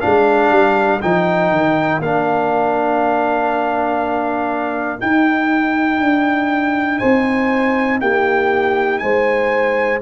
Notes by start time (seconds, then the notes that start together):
0.00 G#3 D4 A#4 F5
0.50 G3
1.01 F3 D#4 G5
1.51 D#3
1.99 A#3 D4 F5
4.98 D#4 G5
6.00 D4
6.98 C4 C5 G#5
8.00 A#3 G4 G5
8.98 G#3 C5 G#5